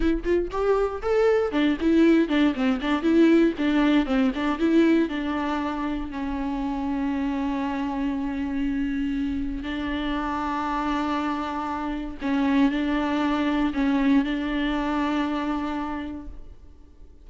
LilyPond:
\new Staff \with { instrumentName = "viola" } { \time 4/4 \tempo 4 = 118 e'8 f'8 g'4 a'4 d'8 e'8~ | e'8 d'8 c'8 d'8 e'4 d'4 | c'8 d'8 e'4 d'2 | cis'1~ |
cis'2. d'4~ | d'1 | cis'4 d'2 cis'4 | d'1 | }